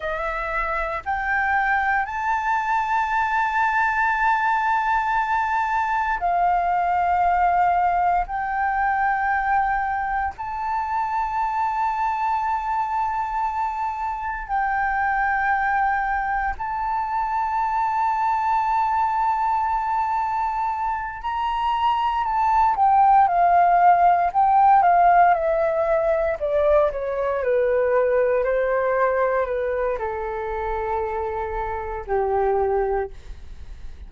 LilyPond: \new Staff \with { instrumentName = "flute" } { \time 4/4 \tempo 4 = 58 e''4 g''4 a''2~ | a''2 f''2 | g''2 a''2~ | a''2 g''2 |
a''1~ | a''8 ais''4 a''8 g''8 f''4 g''8 | f''8 e''4 d''8 cis''8 b'4 c''8~ | c''8 b'8 a'2 g'4 | }